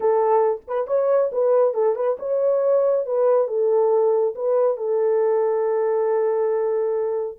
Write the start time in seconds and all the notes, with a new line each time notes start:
0.00 A4
0.67 B4
0.87 C#5
1.32 B4
1.74 A4
1.95 B4
2.19 C#5
3.06 B4
3.47 A4
4.35 B4
4.77 A4